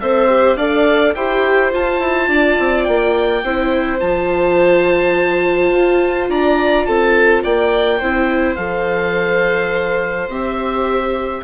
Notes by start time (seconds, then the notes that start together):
0.00 C4 A4 C5 E5
0.28 G4
0.56 D4 A4 D5 F5
1.14 E4 G4 C5 G5
1.71 F4 A5
2.00 E4
2.27 D4 D5
2.59 C4
2.84 A#3 G5
3.43 C4 E4 C5
4.00 F3 F4 A5
5.72 F4
6.29 D4 D5 A#5
6.86 C4 A4 A5
7.43 A#3 D5 G5
7.98 C4 E4 C5
8.56 F3 A4 F5
10.28 C4 G4 E5